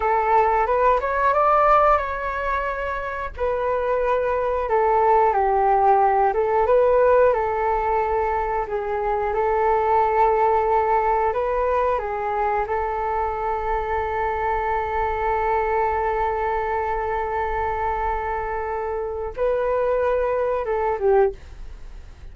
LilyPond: \new Staff \with { instrumentName = "flute" } { \time 4/4 \tempo 4 = 90 a'4 b'8 cis''8 d''4 cis''4~ | cis''4 b'2 a'4 | g'4. a'8 b'4 a'4~ | a'4 gis'4 a'2~ |
a'4 b'4 gis'4 a'4~ | a'1~ | a'1~ | a'4 b'2 a'8 g'8 | }